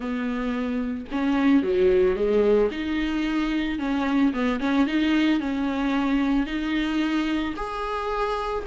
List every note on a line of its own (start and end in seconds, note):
0.00 1.05 B3
1.11 1.62 C#4
1.62 2.15 F#3
2.15 2.69 G#3
2.71 3.78 D#4
3.78 4.32 C#4
4.33 4.60 B3
4.60 4.86 C#4
4.86 5.39 D#4
5.39 6.46 C#4
6.46 7.54 D#4
7.56 8.64 G#4